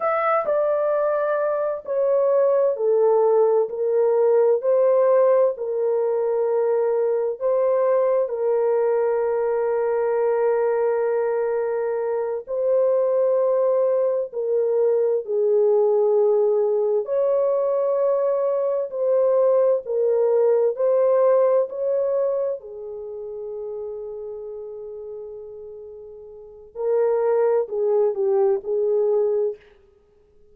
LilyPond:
\new Staff \with { instrumentName = "horn" } { \time 4/4 \tempo 4 = 65 e''8 d''4. cis''4 a'4 | ais'4 c''4 ais'2 | c''4 ais'2.~ | ais'4. c''2 ais'8~ |
ais'8 gis'2 cis''4.~ | cis''8 c''4 ais'4 c''4 cis''8~ | cis''8 gis'2.~ gis'8~ | gis'4 ais'4 gis'8 g'8 gis'4 | }